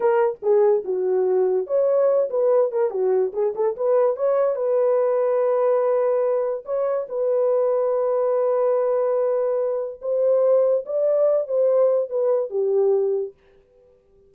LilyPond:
\new Staff \with { instrumentName = "horn" } { \time 4/4 \tempo 4 = 144 ais'4 gis'4 fis'2 | cis''4. b'4 ais'8 fis'4 | gis'8 a'8 b'4 cis''4 b'4~ | b'1 |
cis''4 b'2.~ | b'1 | c''2 d''4. c''8~ | c''4 b'4 g'2 | }